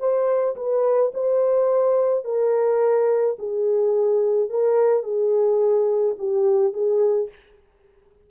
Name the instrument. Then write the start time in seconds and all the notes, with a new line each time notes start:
horn
0.00 C5
0.56 B4
1.14 C5
2.25 A#4
3.39 G#4
4.50 A#4
5.03 G#4
6.19 G4
6.73 G#4